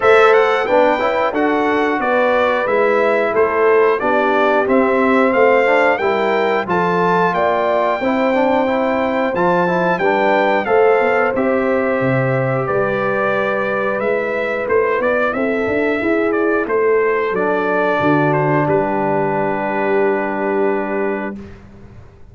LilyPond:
<<
  \new Staff \with { instrumentName = "trumpet" } { \time 4/4 \tempo 4 = 90 e''8 fis''8 g''4 fis''4 d''4 | e''4 c''4 d''4 e''4 | f''4 g''4 a''4 g''4~ | g''2 a''4 g''4 |
f''4 e''2 d''4~ | d''4 e''4 c''8 d''8 e''4~ | e''8 d''8 c''4 d''4. c''8 | b'1 | }
  \new Staff \with { instrumentName = "horn" } { \time 4/4 c''4 b'4 a'4 b'4~ | b'4 a'4 g'2 | c''4 ais'4 a'4 d''4 | c''2. b'4 |
c''2. b'4~ | b'2. a'4 | gis'4 a'2 fis'4 | g'1 | }
  \new Staff \with { instrumentName = "trombone" } { \time 4/4 a'4 d'8 e'8 fis'2 | e'2 d'4 c'4~ | c'8 d'8 e'4 f'2 | e'8 d'8 e'4 f'8 e'8 d'4 |
a'4 g'2.~ | g'4 e'2.~ | e'2 d'2~ | d'1 | }
  \new Staff \with { instrumentName = "tuba" } { \time 4/4 a4 b8 cis'8 d'4 b4 | gis4 a4 b4 c'4 | a4 g4 f4 ais4 | c'2 f4 g4 |
a8 b8 c'4 c4 g4~ | g4 gis4 a8 b8 c'8 d'8 | e'4 a4 fis4 d4 | g1 | }
>>